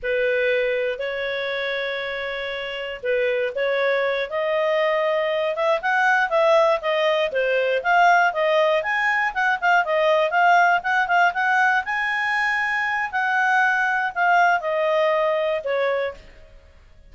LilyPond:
\new Staff \with { instrumentName = "clarinet" } { \time 4/4 \tempo 4 = 119 b'2 cis''2~ | cis''2 b'4 cis''4~ | cis''8 dis''2~ dis''8 e''8 fis''8~ | fis''8 e''4 dis''4 c''4 f''8~ |
f''8 dis''4 gis''4 fis''8 f''8 dis''8~ | dis''8 f''4 fis''8 f''8 fis''4 gis''8~ | gis''2 fis''2 | f''4 dis''2 cis''4 | }